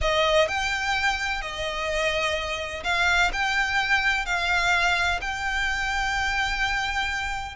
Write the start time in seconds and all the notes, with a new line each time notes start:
0.01 D#5
0.48 G5
1.41 D#5
2.83 F5
3.33 G5
4.25 F5
5.21 G5